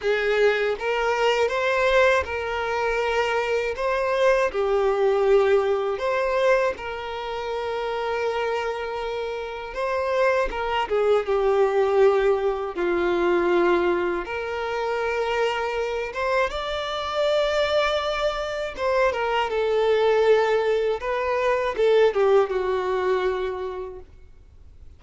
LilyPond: \new Staff \with { instrumentName = "violin" } { \time 4/4 \tempo 4 = 80 gis'4 ais'4 c''4 ais'4~ | ais'4 c''4 g'2 | c''4 ais'2.~ | ais'4 c''4 ais'8 gis'8 g'4~ |
g'4 f'2 ais'4~ | ais'4. c''8 d''2~ | d''4 c''8 ais'8 a'2 | b'4 a'8 g'8 fis'2 | }